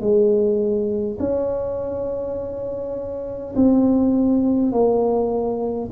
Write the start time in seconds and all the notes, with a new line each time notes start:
0.00 G#3
1.20 C#4
3.56 C4
4.72 A#3